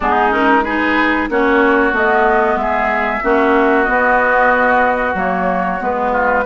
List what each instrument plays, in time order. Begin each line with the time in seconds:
0.00 bassoon G#3, clarinet B3, oboe D#4, flute G#4
0.30 clarinet C#4, flute A#4
0.63 clarinet D#4, oboe G#4, flute B4
1.29 bassoon A#3, clarinet C#4, oboe F#4, flute C#5
1.92 bassoon A3, clarinet B3, flute D#5
2.55 bassoon G#3, oboe G#4, flute E5
3.22 bassoon A#3, clarinet C#4, oboe F#4
3.84 clarinet B3, bassoon B3, flute D#5
5.14 bassoon F#3, clarinet A#3, flute C#5
5.80 bassoon G#3, clarinet B3, flute B4
6.11 oboe F4